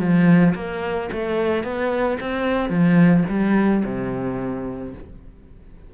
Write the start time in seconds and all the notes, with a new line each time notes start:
0.00 F3
0.56 A#3
1.13 A3
1.64 B3
2.21 C4
2.70 F3
3.30 G3
3.85 C3